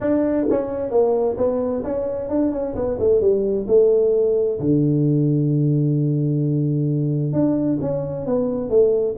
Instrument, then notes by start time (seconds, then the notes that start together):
tuba
0.01 D4
0.50 C#4
0.90 A#3
1.37 B3
1.84 C#4
2.29 D4
2.51 C#4
2.75 B3
2.99 A3
3.20 G3
3.67 A3
4.59 D3
7.32 D4
7.81 C#4
8.26 B3
8.69 A3